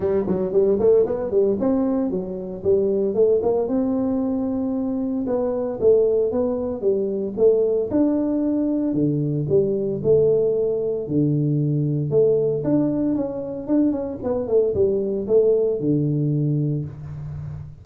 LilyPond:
\new Staff \with { instrumentName = "tuba" } { \time 4/4 \tempo 4 = 114 g8 fis8 g8 a8 b8 g8 c'4 | fis4 g4 a8 ais8 c'4~ | c'2 b4 a4 | b4 g4 a4 d'4~ |
d'4 d4 g4 a4~ | a4 d2 a4 | d'4 cis'4 d'8 cis'8 b8 a8 | g4 a4 d2 | }